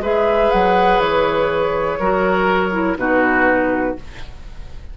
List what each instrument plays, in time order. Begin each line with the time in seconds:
0.00 bassoon G#3, clarinet G#4, oboe B4, flute E5
0.51 bassoon F#3, flute F#5
0.99 bassoon E3, flute C#5
2.00 bassoon F#3, clarinet F#4, oboe A#4
2.72 clarinet E4
2.97 bassoon B2, clarinet D#4, oboe F#4, flute B4